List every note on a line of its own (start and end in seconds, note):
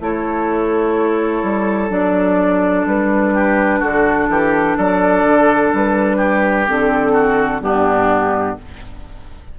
0.00 1.43 A3
0.00 1.89 E4
0.00 3.33 A4
0.00 1.90 C#5
1.43 1.89 G3
1.89 2.85 F#3
1.89 6.66 D4
1.89 2.86 D5
2.85 3.81 G3
2.85 3.82 B4
3.33 3.79 G4
3.79 4.28 D3
3.79 4.27 F#4
3.79 4.77 A4
4.28 4.76 E3
4.28 4.77 G4
4.77 5.23 F#3
4.77 6.17 A4
4.77 5.73 D5
5.23 5.71 D3
5.73 6.68 G3
5.73 6.68 B4
6.17 7.12 G4
6.67 7.60 D3
6.67 7.61 C4
6.67 7.62 A4
7.13 7.60 F#4
7.60 8.55 G2
7.60 8.57 B3
7.60 8.59 D4
7.60 8.57 G4